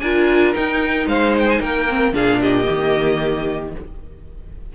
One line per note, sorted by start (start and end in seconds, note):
0.00 0.55 D4
0.00 0.55 F4
0.00 1.08 A#4
0.00 0.53 G#5
0.55 1.88 D#4
0.55 1.07 D#4
0.55 1.08 G5
1.07 1.60 G#3
1.07 1.61 C5
1.07 1.36 F5
1.40 1.50 G5
1.50 1.61 G#5
1.61 2.14 A#3
1.61 2.14 A#4
1.61 2.14 G5
1.89 2.14 C4
2.14 2.67 A#2
2.14 2.64 D4
2.14 2.40 G#4
2.14 2.42 F5
2.41 3.73 G4
2.41 3.75 D#5
2.64 3.76 D#3
2.64 3.71 A#3